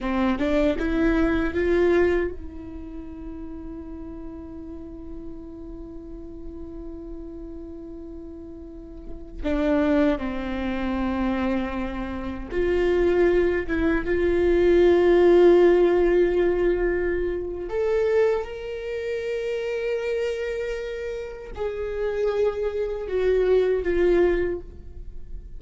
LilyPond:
\new Staff \with { instrumentName = "viola" } { \time 4/4 \tempo 4 = 78 c'8 d'8 e'4 f'4 e'4~ | e'1~ | e'1~ | e'16 d'4 c'2~ c'8.~ |
c'16 f'4. e'8 f'4.~ f'16~ | f'2. a'4 | ais'1 | gis'2 fis'4 f'4 | }